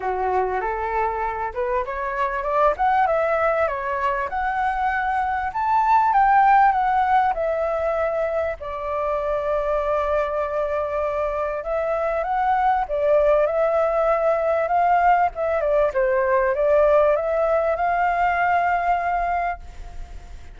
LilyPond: \new Staff \with { instrumentName = "flute" } { \time 4/4 \tempo 4 = 98 fis'4 a'4. b'8 cis''4 | d''8 fis''8 e''4 cis''4 fis''4~ | fis''4 a''4 g''4 fis''4 | e''2 d''2~ |
d''2. e''4 | fis''4 d''4 e''2 | f''4 e''8 d''8 c''4 d''4 | e''4 f''2. | }